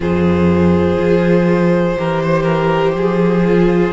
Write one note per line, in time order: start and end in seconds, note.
0.00 0.97 F2
0.00 1.96 F4
0.00 1.97 G#4
0.00 3.92 C5
0.98 1.97 F3
1.96 2.94 E3
1.96 3.44 G4
1.96 2.22 A#4
2.22 2.42 C5
2.42 2.91 A#4
2.94 3.92 F3
2.94 3.92 G#4
3.44 3.92 F4